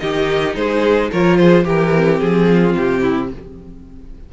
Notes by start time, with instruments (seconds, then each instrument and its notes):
0.00 cello D#3, viola D#4, violin G4 D#5
0.55 cello G#3, violin G#4 C5
1.11 cello F3, viola F4, violin A#4 C#5
1.38 violin G#4 C5
1.65 cello E3, viola G4, violin G4 A#4
1.96 viola C4
2.20 cello F3, violin G#4
2.52 violin F4
2.77 cello C3, violin G4
3.02 violin E4